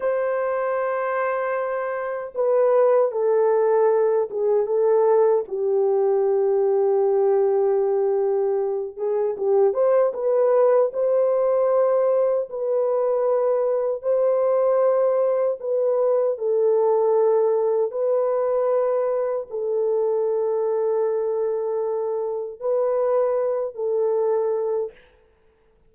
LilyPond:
\new Staff \with { instrumentName = "horn" } { \time 4/4 \tempo 4 = 77 c''2. b'4 | a'4. gis'8 a'4 g'4~ | g'2.~ g'8 gis'8 | g'8 c''8 b'4 c''2 |
b'2 c''2 | b'4 a'2 b'4~ | b'4 a'2.~ | a'4 b'4. a'4. | }